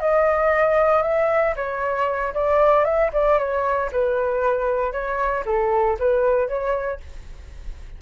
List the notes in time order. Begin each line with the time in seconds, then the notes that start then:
0.00 D#5
1.02 E5
1.56 C#5
2.34 D5
2.84 E5
3.13 D5
3.38 C#5
3.92 B4
4.92 C#5
5.46 A4
5.99 B4
6.48 C#5